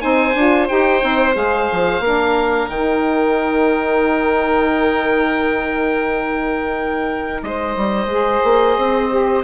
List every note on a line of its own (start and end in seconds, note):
0.00 0.35 C4
0.00 0.34 D#4
0.00 2.04 C5
0.00 0.68 G#5
0.35 0.68 D4
0.35 0.68 F4
0.68 1.03 D#4
0.68 1.00 G4
0.68 1.35 G5
1.00 1.35 C4
1.00 1.34 D#4
1.34 1.69 G#3
1.34 2.01 G#4
1.34 2.69 F5
1.71 2.00 F3
2.00 2.67 A#3
2.00 2.70 D4
2.00 7.44 A#4
2.68 7.40 D#3
2.68 8.09 D#4
2.68 7.41 G5
7.42 7.76 G#3
7.42 9.44 C5
7.42 9.44 D#5
7.76 8.05 G3
8.05 8.39 G#3
8.05 9.09 G#4
8.44 8.77 A#3
8.77 9.44 C4
9.09 9.43 G4